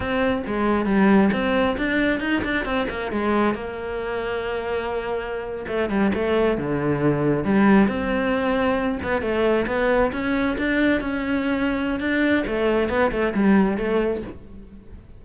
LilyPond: \new Staff \with { instrumentName = "cello" } { \time 4/4 \tempo 4 = 135 c'4 gis4 g4 c'4 | d'4 dis'8 d'8 c'8 ais8 gis4 | ais1~ | ais8. a8 g8 a4 d4~ d16~ |
d8. g4 c'2~ c'16~ | c'16 b8 a4 b4 cis'4 d'16~ | d'8. cis'2~ cis'16 d'4 | a4 b8 a8 g4 a4 | }